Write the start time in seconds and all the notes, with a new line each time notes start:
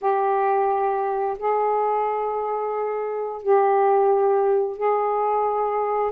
0.01 G4
1.38 G#4
3.42 G4
4.77 G#4